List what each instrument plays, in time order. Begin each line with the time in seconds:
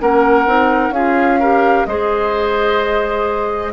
0.00 bassoon A#3, clarinet C#4, oboe A#4, flute F#5
0.46 bassoon C4, clarinet D#4
0.90 bassoon C#4, clarinet F4, oboe G#4, flute F5
1.40 clarinet G4, oboe A#4
1.86 bassoon G#3, clarinet G#4, oboe C5, flute D#5